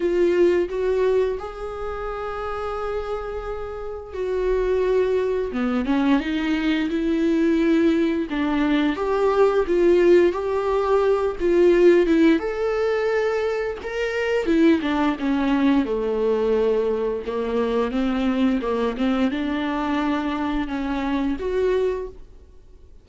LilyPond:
\new Staff \with { instrumentName = "viola" } { \time 4/4 \tempo 4 = 87 f'4 fis'4 gis'2~ | gis'2 fis'2 | b8 cis'8 dis'4 e'2 | d'4 g'4 f'4 g'4~ |
g'8 f'4 e'8 a'2 | ais'4 e'8 d'8 cis'4 a4~ | a4 ais4 c'4 ais8 c'8 | d'2 cis'4 fis'4 | }